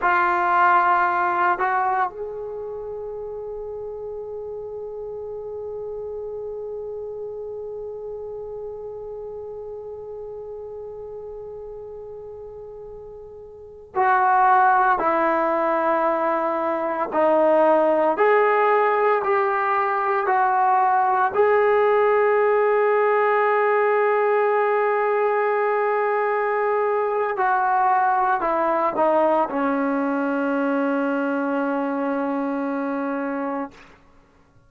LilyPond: \new Staff \with { instrumentName = "trombone" } { \time 4/4 \tempo 4 = 57 f'4. fis'8 gis'2~ | gis'1~ | gis'1~ | gis'4~ gis'16 fis'4 e'4.~ e'16~ |
e'16 dis'4 gis'4 g'4 fis'8.~ | fis'16 gis'2.~ gis'8.~ | gis'2 fis'4 e'8 dis'8 | cis'1 | }